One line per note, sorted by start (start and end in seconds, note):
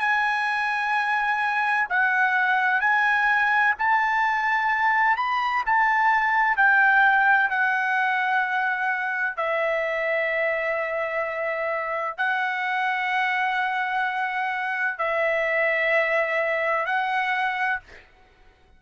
0.00 1.87 G#5
1.89 2.80 F#5
2.80 3.74 G#5
3.78 5.16 A5
5.16 5.63 B5
5.66 6.57 A5
6.57 7.50 G5
7.50 9.36 F#5
9.36 12.17 E5
12.17 14.98 F#5
14.98 16.85 E5
16.85 17.79 F#5